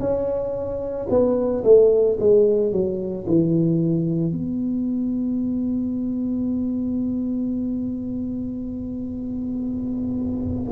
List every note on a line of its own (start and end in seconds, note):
0.00 1.07 C#4
1.10 1.64 B3
1.64 2.18 A3
2.20 2.72 G#3
2.72 3.26 F#3
3.27 4.32 E3
4.32 10.72 B3